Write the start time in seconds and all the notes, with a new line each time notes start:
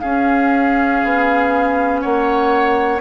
0.00 C#4 G#4 F5
1.04 B3
2.00 A#3 C#5 F#5